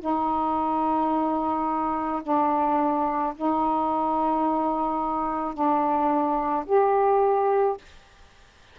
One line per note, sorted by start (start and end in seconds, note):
0.00 2.22 D#4
2.23 3.34 D4
3.36 5.54 D#4
5.54 6.65 D4
6.66 7.77 G4